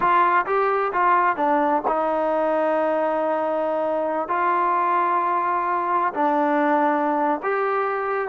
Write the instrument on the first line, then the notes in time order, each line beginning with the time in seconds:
trombone
0.00 F4
0.46 G4
0.93 F4
1.36 D4
1.87 D#4
4.28 F4
6.13 D4
7.43 G4